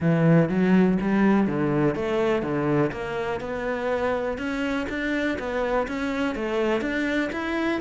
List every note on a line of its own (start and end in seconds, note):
0.00 0.49 E3
0.49 0.98 F#3
1.01 1.47 G3
1.47 1.95 D3
1.95 2.42 A3
2.42 2.91 D3
2.92 3.40 A#3
3.40 4.37 B3
4.37 4.86 C#4
4.89 5.37 D4
5.38 5.87 B3
5.87 6.35 C#4
6.35 6.81 A3
6.81 7.30 D4
7.32 7.80 E4